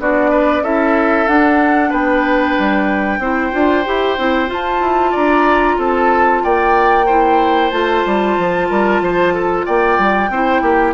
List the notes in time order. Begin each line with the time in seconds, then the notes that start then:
0.00 B3 D4 F#4 D5
0.31 B4
0.62 C#4 E4 A4 E5
1.28 D4 F#5
1.90 B3 B4 G5
2.59 G3
3.19 C4 E4 C5
3.52 D4 F4
3.85 E4 G4
4.18 C4 E4
4.47 F4 A5
4.81 E4
5.12 D4 D5 A#5
5.78 C4 A4 A5
6.44 A#3 D5 G5
7.07 E4 C5
7.71 A3 F4 A5
8.06 G3
8.38 F3
8.69 G3 A#4
9.01 F3 C5
9.34 A4
9.66 A#3 D5 G5
9.99 G3
10.30 C4 E4 C5
10.62 A#3 G4